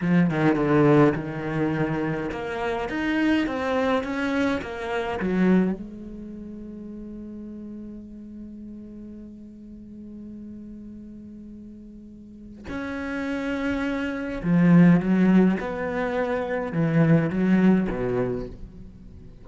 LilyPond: \new Staff \with { instrumentName = "cello" } { \time 4/4 \tempo 4 = 104 f8 dis8 d4 dis2 | ais4 dis'4 c'4 cis'4 | ais4 fis4 gis2~ | gis1~ |
gis1~ | gis2 cis'2~ | cis'4 f4 fis4 b4~ | b4 e4 fis4 b,4 | }